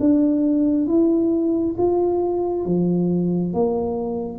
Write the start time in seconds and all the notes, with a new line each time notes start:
0.00 D4
0.88 E4
1.78 F4
2.66 F3
3.54 A#3